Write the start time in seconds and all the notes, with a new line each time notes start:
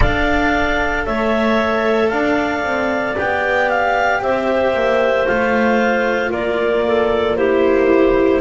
0.00 D4 A4 D5 F5
1.05 A3 C#5 E5
2.09 D4 D5 F5
2.63 C4
3.16 B3 G4 G5
3.69 F5
4.21 C4 C5 E5
4.73 A#3
5.26 A3 F4 F5
6.30 A#3 A#4 D5
6.86 A4
7.36 E4 G4 C5